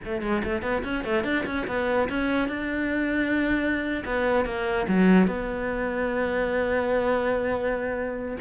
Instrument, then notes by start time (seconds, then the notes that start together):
cello
0.05 A3
0.21 G#3
0.44 A3
0.62 B3
0.84 C#4
1.04 A3
1.24 D4
1.46 C#4
1.67 B3
2.09 C#4
2.48 D4
4.05 B3
4.45 A#3
4.88 F#3
5.27 B3